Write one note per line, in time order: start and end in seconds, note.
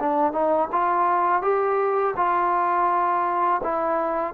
0.00 0.33 D4
0.33 0.69 D#4
0.73 1.43 F4
1.43 2.15 G4
2.17 3.62 F4
3.64 4.34 E4